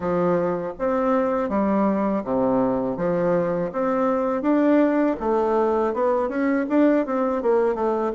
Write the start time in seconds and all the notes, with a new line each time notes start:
0.00 F3
0.78 C4
1.48 G3
2.24 C3
2.96 F3
3.72 C4
4.41 D4
5.20 A3
5.93 B3
6.28 C#4
6.69 D4
7.05 C4
7.42 A#3
7.74 A3